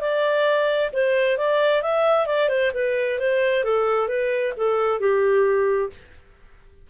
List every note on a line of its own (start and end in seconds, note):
0.00 0.90 D5
0.93 1.37 C5
1.37 1.82 D5
1.82 2.26 E5
2.26 2.49 D5
2.49 2.71 C5
2.74 3.19 B4
3.19 3.64 C5
3.64 4.07 A4
4.07 4.53 B4
4.57 5.00 A4
5.00 5.90 G4